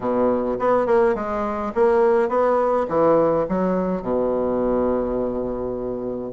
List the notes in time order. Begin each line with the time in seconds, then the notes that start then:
0.00 B2
0.59 B3
0.86 A#3
1.14 G#3
1.74 A#3
2.28 B3
2.88 E3
3.48 F#3
4.02 B2